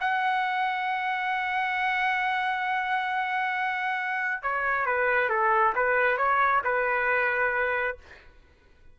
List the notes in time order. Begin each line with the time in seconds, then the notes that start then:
0.00 F#5
4.42 C#5
4.85 B4
5.29 A4
5.75 B4
6.17 C#5
6.64 B4